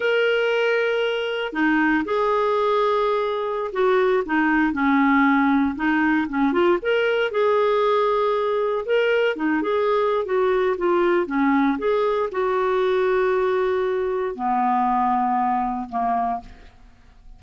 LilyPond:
\new Staff \with { instrumentName = "clarinet" } { \time 4/4 \tempo 4 = 117 ais'2. dis'4 | gis'2.~ gis'16 fis'8.~ | fis'16 dis'4 cis'2 dis'8.~ | dis'16 cis'8 f'8 ais'4 gis'4.~ gis'16~ |
gis'4~ gis'16 ais'4 dis'8 gis'4~ gis'16 | fis'4 f'4 cis'4 gis'4 | fis'1 | b2. ais4 | }